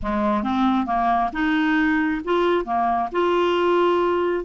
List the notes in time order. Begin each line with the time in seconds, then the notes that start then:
0.02 G#3
0.43 C4
0.85 A#3
1.32 D#4
2.24 F4
2.64 A#3
3.12 F4